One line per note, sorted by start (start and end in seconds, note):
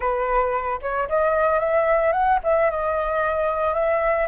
0.00 0.80 B4
0.81 1.08 C#5
1.08 1.59 D#5
1.59 2.12 E5
2.12 2.39 F#5
2.43 2.70 E5
2.70 3.74 D#5
3.74 4.27 E5